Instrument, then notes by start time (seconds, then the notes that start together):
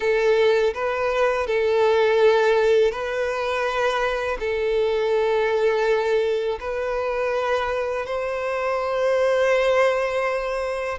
violin
0.00 A4
0.74 B4
1.46 A4
2.91 B4
4.39 A4
6.60 B4
8.06 C5